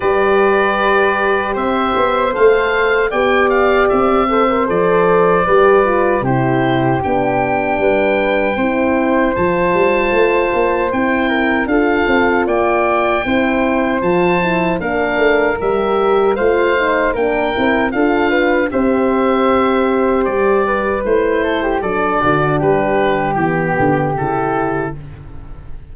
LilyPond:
<<
  \new Staff \with { instrumentName = "oboe" } { \time 4/4 \tempo 4 = 77 d''2 e''4 f''4 | g''8 f''8 e''4 d''2 | c''4 g''2. | a''2 g''4 f''4 |
g''2 a''4 f''4 | e''4 f''4 g''4 f''4 | e''2 d''4 c''4 | d''4 b'4 g'4 a'4 | }
  \new Staff \with { instrumentName = "flute" } { \time 4/4 b'2 c''2 | d''4. c''4. b'4 | g'2 b'4 c''4~ | c''2~ c''8 ais'8 a'4 |
d''4 c''2 ais'4~ | ais'4 c''4 ais'4 a'8 b'8 | c''2~ c''8 b'4 a'16 g'16 | a'8 fis'8 g'2. | }
  \new Staff \with { instrumentName = "horn" } { \time 4/4 g'2. a'4 | g'4. a'16 ais'16 a'4 g'8 f'8 | e'4 d'2 e'4 | f'2 e'4 f'4~ |
f'4 e'4 f'8 e'8 d'4 | g'4 f'8 dis'8 d'8 e'8 f'4 | g'2. e'4 | d'2 b4 e'4 | }
  \new Staff \with { instrumentName = "tuba" } { \time 4/4 g2 c'8 b8 a4 | b4 c'4 f4 g4 | c4 b4 g4 c'4 | f8 g8 a8 ais8 c'4 d'8 c'8 |
ais4 c'4 f4 ais8 a8 | g4 a4 ais8 c'8 d'4 | c'2 g4 a4 | fis8 d8 g4 e8 d8 cis4 | }
>>